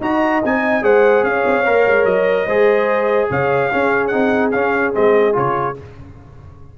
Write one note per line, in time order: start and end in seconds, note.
0.00 0.41 D#4
0.00 0.42 F#4
0.00 0.83 D#5
0.00 0.43 A#5
0.44 0.82 C4
0.44 0.81 D#4
0.44 0.83 G#5
0.81 1.23 G#3
0.81 1.64 G#4
0.81 1.24 C5
0.81 1.23 F#5
1.23 1.43 C#4
1.23 2.46 C#5
1.23 2.05 F5
1.46 1.66 C4
1.65 1.86 A#3
1.65 2.47 A#4
1.87 2.04 G#3
2.04 2.46 F#3
2.04 3.28 D#5
2.46 3.28 G#3
2.46 3.71 G#4
2.46 3.28 C5
3.30 3.71 C#3
3.30 3.70 C#5
3.30 4.07 F5
3.70 4.10 C#4
3.70 4.13 C#4
3.70 5.76 G#4
4.07 4.53 C4
4.07 4.51 D#4
4.07 4.48 F#5
4.51 4.94 C#4
4.51 4.93 C#4
4.51 4.92 F5
4.93 5.36 G#3
4.93 5.32 C4
4.93 5.36 D#5
5.32 5.77 C#3
5.32 5.73 F4
5.32 5.77 C#5